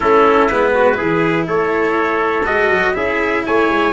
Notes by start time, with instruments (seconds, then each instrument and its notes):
0.00 tuba A3, cello C#4, trumpet E4 A4
0.48 tuba G#3, cello B3, trumpet B4
0.74 trumpet F#4
0.94 cello E4, trumpet G#4
1.01 tuba E3
1.47 tuba A3, trumpet A4 C#5
2.45 tuba G#3, cello F#4, trumpet D#5
2.70 tuba F#3
2.94 tuba C#4, cello E4, trumpet G#4 E5
3.46 tuba A3, trumpet C#5 G#5
3.69 tuba G#3